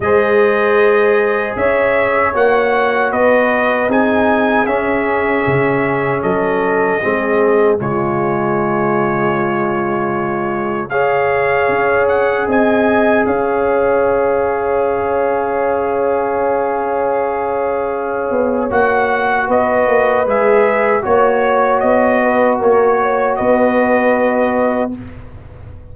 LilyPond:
<<
  \new Staff \with { instrumentName = "trumpet" } { \time 4/4 \tempo 4 = 77 dis''2 e''4 fis''4 | dis''4 gis''4 e''2 | dis''2 cis''2~ | cis''2 f''4. fis''8 |
gis''4 f''2.~ | f''1 | fis''4 dis''4 e''4 cis''4 | dis''4 cis''4 dis''2 | }
  \new Staff \with { instrumentName = "horn" } { \time 4/4 c''2 cis''2 | b'4 gis'2. | a'4 gis'4 f'2~ | f'2 cis''2 |
dis''4 cis''2.~ | cis''1~ | cis''4 b'2 cis''4~ | cis''8 b'8 ais'8 cis''8 b'2 | }
  \new Staff \with { instrumentName = "trombone" } { \time 4/4 gis'2. fis'4~ | fis'4 dis'4 cis'2~ | cis'4 c'4 gis2~ | gis2 gis'2~ |
gis'1~ | gis'1 | fis'2 gis'4 fis'4~ | fis'1 | }
  \new Staff \with { instrumentName = "tuba" } { \time 4/4 gis2 cis'4 ais4 | b4 c'4 cis'4 cis4 | fis4 gis4 cis2~ | cis2. cis'4 |
c'4 cis'2.~ | cis'2.~ cis'8 b8 | ais4 b8 ais8 gis4 ais4 | b4 ais4 b2 | }
>>